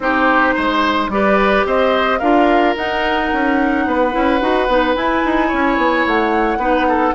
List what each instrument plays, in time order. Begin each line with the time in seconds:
0.00 bassoon C4, clarinet D#4, oboe G4, flute C5
0.54 bassoon G#3, oboe C5
1.08 bassoon G3, clarinet G4, oboe B4, flute D5
1.65 bassoon C4, oboe C5, flute D#5
2.19 bassoon D4, clarinet F4, oboe A#4, flute F5
2.75 bassoon D#4, clarinet D#4, flute F#5
3.33 bassoon C#4
3.86 bassoon B3, oboe B4
4.11 bassoon C#4, clarinet E4
4.40 bassoon D#4, clarinet F#4
4.68 bassoon B3, clarinet D#4
4.95 clarinet E4, bassoon E4, flute G#5
5.25 bassoon D#4
5.48 bassoon C#4, oboe C#5
5.77 bassoon B3
6.06 bassoon A3, flute F#5
6.57 bassoon B3, clarinet D#4, oboe B4
6.88 oboe A4